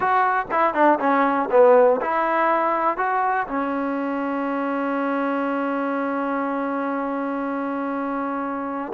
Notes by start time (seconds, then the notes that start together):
0.00 F#4
0.51 E4
0.73 D4
0.99 C#4
1.50 B3
2.01 E4
2.97 F#4
3.47 C#4